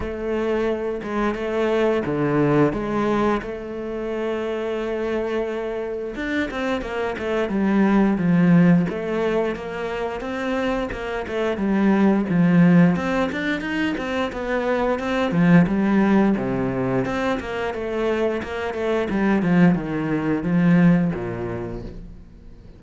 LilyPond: \new Staff \with { instrumentName = "cello" } { \time 4/4 \tempo 4 = 88 a4. gis8 a4 d4 | gis4 a2.~ | a4 d'8 c'8 ais8 a8 g4 | f4 a4 ais4 c'4 |
ais8 a8 g4 f4 c'8 d'8 | dis'8 c'8 b4 c'8 f8 g4 | c4 c'8 ais8 a4 ais8 a8 | g8 f8 dis4 f4 ais,4 | }